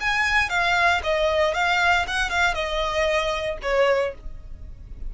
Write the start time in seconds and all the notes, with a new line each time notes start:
0.00 G#5
0.49 F5
1.03 D#5
1.54 F5
2.07 F#5
2.29 F5
2.54 D#5
3.62 C#5